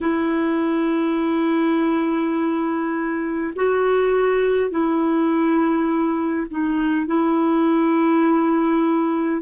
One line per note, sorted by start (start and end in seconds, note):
0.01 3.53 E4
3.55 4.70 F#4
4.70 6.47 E4
6.50 7.06 D#4
7.06 9.41 E4